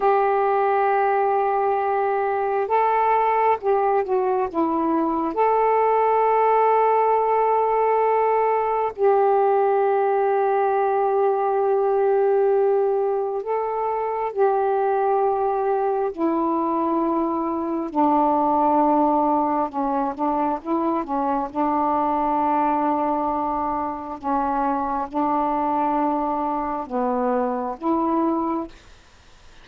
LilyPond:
\new Staff \with { instrumentName = "saxophone" } { \time 4/4 \tempo 4 = 67 g'2. a'4 | g'8 fis'8 e'4 a'2~ | a'2 g'2~ | g'2. a'4 |
g'2 e'2 | d'2 cis'8 d'8 e'8 cis'8 | d'2. cis'4 | d'2 b4 e'4 | }